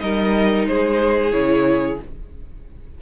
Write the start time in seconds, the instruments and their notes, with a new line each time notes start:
0.00 cello G3, viola D#4, violin A#4 D#5
0.66 cello G#3, violin G#4 C5
1.32 cello C#3, viola E4, violin C#5